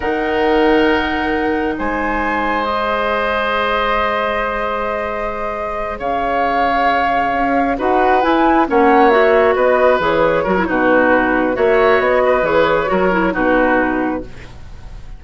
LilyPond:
<<
  \new Staff \with { instrumentName = "flute" } { \time 4/4 \tempo 4 = 135 fis''1 | gis''2 dis''2~ | dis''1~ | dis''4. f''2~ f''8~ |
f''4. fis''4 gis''4 fis''8~ | fis''8 e''4 dis''4 cis''4. | b'2 e''4 dis''4 | cis''2 b'2 | }
  \new Staff \with { instrumentName = "oboe" } { \time 4/4 ais'1 | c''1~ | c''1~ | c''4. cis''2~ cis''8~ |
cis''4. b'2 cis''8~ | cis''4. b'2 ais'8 | fis'2 cis''4. b'8~ | b'4 ais'4 fis'2 | }
  \new Staff \with { instrumentName = "clarinet" } { \time 4/4 dis'1~ | dis'2 gis'2~ | gis'1~ | gis'1~ |
gis'4. fis'4 e'4 cis'8~ | cis'8 fis'2 gis'4 fis'16 e'16 | dis'2 fis'2 | gis'4 fis'8 e'8 dis'2 | }
  \new Staff \with { instrumentName = "bassoon" } { \time 4/4 dis1 | gis1~ | gis1~ | gis4. cis2~ cis8~ |
cis8 cis'4 dis'4 e'4 ais8~ | ais4. b4 e4 fis8 | b,2 ais4 b4 | e4 fis4 b,2 | }
>>